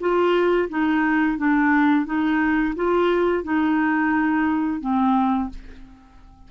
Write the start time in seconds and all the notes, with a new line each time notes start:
0.00 F4
0.69 D#4
1.38 D4
2.06 D#4
2.76 F4
3.44 D#4
4.81 C4